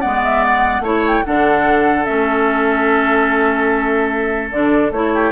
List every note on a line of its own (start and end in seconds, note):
0.00 0.80 G#3
0.00 0.83 B3
0.00 0.82 D5
0.00 0.20 F#5
0.23 0.43 E5
0.43 0.84 F#5
0.80 1.20 A3
0.80 1.24 E4
0.80 1.24 C#5
0.80 1.06 C#5
1.06 1.25 G5
1.25 2.08 D3
1.25 2.05 D4
1.25 5.13 A4
1.25 2.05 F#5
2.05 4.51 A3
2.05 4.49 C#4
2.05 4.49 E5
4.51 4.91 D3
4.51 4.92 D4
4.51 4.91 D5
4.91 5.31 A3
4.91 5.31 E4
4.91 5.31 C#5
5.13 5.31 G4